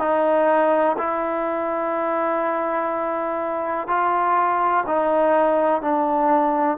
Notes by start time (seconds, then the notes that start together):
0.00 D#4
0.99 E4
3.88 F4
4.87 D#4
5.82 D4